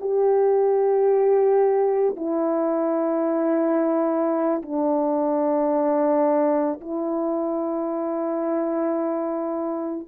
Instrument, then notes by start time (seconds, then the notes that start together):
horn
0.00 G4
2.16 E4
4.62 D4
6.80 E4